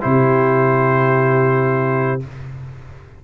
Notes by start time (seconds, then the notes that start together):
0.00 C3 E4 G4 C5